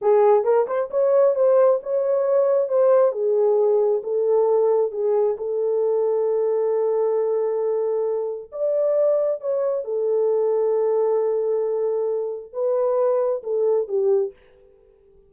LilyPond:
\new Staff \with { instrumentName = "horn" } { \time 4/4 \tempo 4 = 134 gis'4 ais'8 c''8 cis''4 c''4 | cis''2 c''4 gis'4~ | gis'4 a'2 gis'4 | a'1~ |
a'2. d''4~ | d''4 cis''4 a'2~ | a'1 | b'2 a'4 g'4 | }